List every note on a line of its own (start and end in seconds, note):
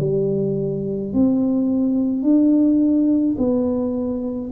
0.00 1.13 G3
1.13 2.23 C4
2.23 3.36 D4
3.38 4.51 B3